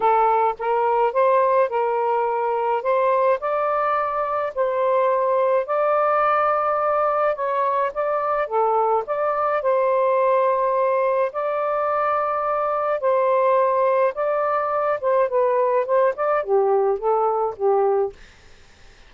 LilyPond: \new Staff \with { instrumentName = "saxophone" } { \time 4/4 \tempo 4 = 106 a'4 ais'4 c''4 ais'4~ | ais'4 c''4 d''2 | c''2 d''2~ | d''4 cis''4 d''4 a'4 |
d''4 c''2. | d''2. c''4~ | c''4 d''4. c''8 b'4 | c''8 d''8 g'4 a'4 g'4 | }